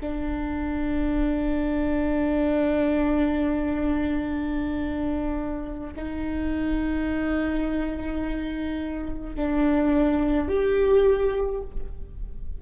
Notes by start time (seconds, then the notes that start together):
0.00 D4
5.96 D#4
9.35 D4
10.48 G4